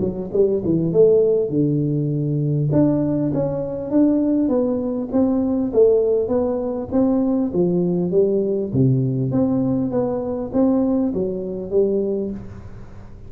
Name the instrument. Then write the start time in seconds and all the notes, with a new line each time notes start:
tuba
0.00 F#3
0.33 G3
0.65 E3
0.93 A3
1.49 D3
2.72 D4
3.34 C#4
3.90 D4
4.49 B3
5.12 C4
5.73 A3
6.28 B3
6.92 C4
7.54 F3
8.11 G3
8.73 C3
9.31 C4
9.91 B3
10.53 C4
11.14 F#3
11.71 G3